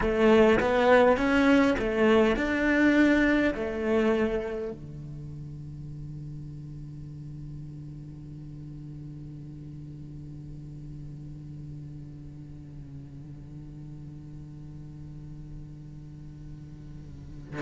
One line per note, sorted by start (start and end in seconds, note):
0.01 0.59 A3
0.59 1.17 B3
1.17 1.76 C#4
1.79 2.36 A3
2.36 3.53 D4
3.54 4.71 A3
4.71 17.61 D3